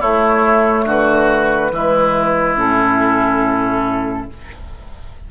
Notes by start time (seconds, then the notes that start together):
0.00 A3 E4 C#5
0.85 D3 F#4 B4
1.71 E3 G#3 E4
2.57 A2 C#4 A4